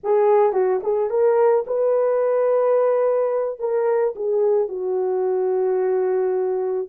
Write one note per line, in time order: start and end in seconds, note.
0.03 0.52 G#4
0.52 0.80 F#4
0.83 1.09 G#4
1.09 1.64 A#4
1.66 3.59 B4
3.59 4.14 A#4
4.15 4.68 G#4
4.68 6.88 F#4